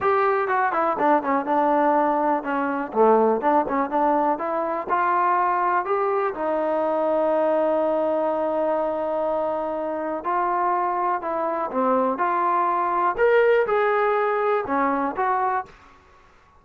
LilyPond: \new Staff \with { instrumentName = "trombone" } { \time 4/4 \tempo 4 = 123 g'4 fis'8 e'8 d'8 cis'8 d'4~ | d'4 cis'4 a4 d'8 cis'8 | d'4 e'4 f'2 | g'4 dis'2.~ |
dis'1~ | dis'4 f'2 e'4 | c'4 f'2 ais'4 | gis'2 cis'4 fis'4 | }